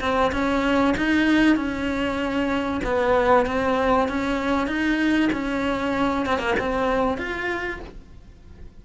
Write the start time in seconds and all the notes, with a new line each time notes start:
0.00 C4
0.32 C#4
0.97 D#4
1.55 C#4
2.84 B3
3.46 C4
4.08 C#4
4.67 D#4
5.32 C#4
6.26 C4
6.38 A#3
6.59 C4
7.17 F4